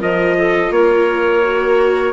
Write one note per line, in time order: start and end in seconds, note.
0.00 0.71 F3
0.00 1.43 F4
0.00 0.36 A#4
0.00 0.73 D#5
0.38 0.73 A4
0.71 2.13 A#3
0.71 2.13 A#4
0.71 2.13 C#5
1.44 2.13 F#4